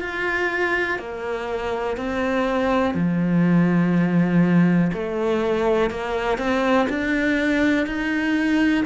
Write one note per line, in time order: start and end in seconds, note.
0.00 0.98 F4
0.99 1.97 A#3
1.97 2.94 C4
2.94 4.91 F3
4.93 5.90 A3
5.90 6.38 A#3
6.38 6.87 C4
6.89 7.86 D4
7.86 8.85 D#4